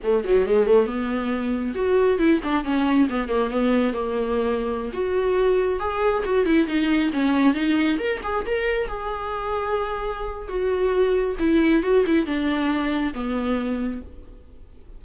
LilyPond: \new Staff \with { instrumentName = "viola" } { \time 4/4 \tempo 4 = 137 a8 fis8 gis8 a8 b2 | fis'4 e'8 d'8 cis'4 b8 ais8 | b4 ais2~ ais16 fis'8.~ | fis'4~ fis'16 gis'4 fis'8 e'8 dis'8.~ |
dis'16 cis'4 dis'4 ais'8 gis'8 ais'8.~ | ais'16 gis'2.~ gis'8. | fis'2 e'4 fis'8 e'8 | d'2 b2 | }